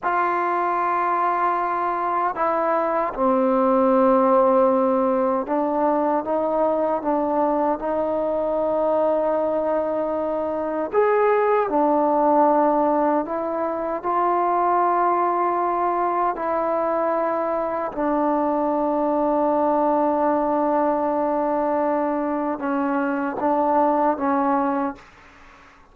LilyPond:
\new Staff \with { instrumentName = "trombone" } { \time 4/4 \tempo 4 = 77 f'2. e'4 | c'2. d'4 | dis'4 d'4 dis'2~ | dis'2 gis'4 d'4~ |
d'4 e'4 f'2~ | f'4 e'2 d'4~ | d'1~ | d'4 cis'4 d'4 cis'4 | }